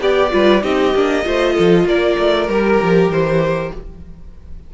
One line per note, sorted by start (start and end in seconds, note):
0.00 0.31 B3
0.00 0.32 G4
0.00 0.31 G4
0.00 0.63 D5
0.31 0.63 G3
0.31 0.61 F4
0.31 0.62 B4
0.62 0.94 C4
0.62 0.93 D#4
0.62 1.24 G4
0.62 1.87 D#5
0.94 1.25 A#3
0.94 1.24 D4
1.24 1.57 A3
1.24 2.47 F4
1.24 1.53 C5
1.53 1.85 F3
1.53 1.84 A4
1.85 2.15 A#3
1.85 3.74 A#4
1.85 2.49 D5
2.18 2.48 A3
2.48 2.79 G3
2.48 3.72 G4
2.48 3.11 A#4
2.82 3.09 F3
3.09 3.70 E3
3.09 3.73 C5